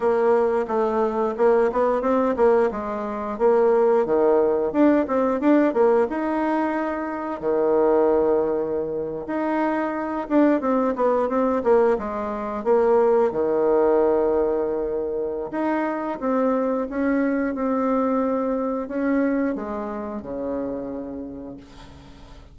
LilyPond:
\new Staff \with { instrumentName = "bassoon" } { \time 4/4 \tempo 4 = 89 ais4 a4 ais8 b8 c'8 ais8 | gis4 ais4 dis4 d'8 c'8 | d'8 ais8 dis'2 dis4~ | dis4.~ dis16 dis'4. d'8 c'16~ |
c'16 b8 c'8 ais8 gis4 ais4 dis16~ | dis2. dis'4 | c'4 cis'4 c'2 | cis'4 gis4 cis2 | }